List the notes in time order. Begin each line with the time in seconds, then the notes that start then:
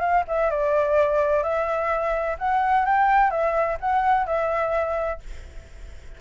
0.00 F5
0.27 E5
0.50 D5
1.43 E5
2.38 F#5
2.85 G5
3.30 E5
3.80 F#5
4.26 E5